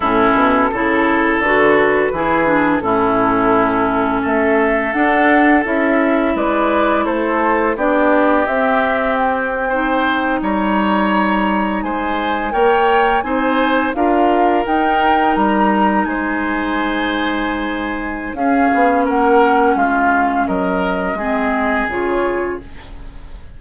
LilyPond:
<<
  \new Staff \with { instrumentName = "flute" } { \time 4/4 \tempo 4 = 85 a'2 b'2 | a'2 e''4 fis''4 | e''4 d''4 c''4 d''4 | e''4 g''4.~ g''16 ais''4~ ais''16~ |
ais''8. gis''4 g''4 gis''4 f''16~ | f''8. g''4 ais''4 gis''4~ gis''16~ | gis''2 f''4 fis''4 | f''4 dis''2 cis''4 | }
  \new Staff \with { instrumentName = "oboe" } { \time 4/4 e'4 a'2 gis'4 | e'2 a'2~ | a'4 b'4 a'4 g'4~ | g'4.~ g'16 c''4 cis''4~ cis''16~ |
cis''8. c''4 cis''4 c''4 ais'16~ | ais'2~ ais'8. c''4~ c''16~ | c''2 gis'4 ais'4 | f'4 ais'4 gis'2 | }
  \new Staff \with { instrumentName = "clarinet" } { \time 4/4 cis'4 e'4 fis'4 e'8 d'8 | cis'2. d'4 | e'2. d'4 | c'4.~ c'16 dis'2~ dis'16~ |
dis'4.~ dis'16 ais'4 dis'4 f'16~ | f'8. dis'2.~ dis'16~ | dis'2 cis'2~ | cis'2 c'4 f'4 | }
  \new Staff \with { instrumentName = "bassoon" } { \time 4/4 a,8 b,8 cis4 d4 e4 | a,2 a4 d'4 | cis'4 gis4 a4 b4 | c'2~ c'8. g4~ g16~ |
g8. gis4 ais4 c'4 d'16~ | d'8. dis'4 g4 gis4~ gis16~ | gis2 cis'8 b8 ais4 | gis4 fis4 gis4 cis4 | }
>>